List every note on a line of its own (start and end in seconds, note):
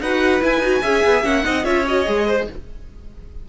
0.00 0.41 D#4
0.00 0.41 F#4
0.00 0.82 B4
0.00 0.42 F#5
0.41 0.61 E4
0.41 0.59 E4
0.41 1.24 G#5
0.59 0.79 D#4
0.59 0.82 F#4
0.82 1.04 C#4
0.82 1.24 G#4
0.82 1.44 E5
1.05 1.23 B3
1.23 1.44 A#3
1.23 1.43 C#4
1.23 1.65 F#5
1.43 1.65 C4
1.43 1.64 D#4
1.43 1.64 D#5
1.64 2.06 C#4
1.64 1.85 F4
1.64 2.26 C#5
1.64 1.85 E5
1.87 2.05 F#4
1.87 2.48 D#5
2.05 2.48 G#3
2.05 2.46 G#4
2.26 2.47 C5